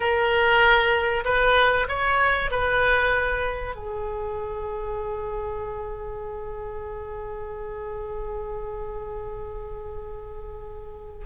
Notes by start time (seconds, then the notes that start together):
0.00 A#4
1.24 B4
1.88 C#5
2.50 B4
3.75 G#4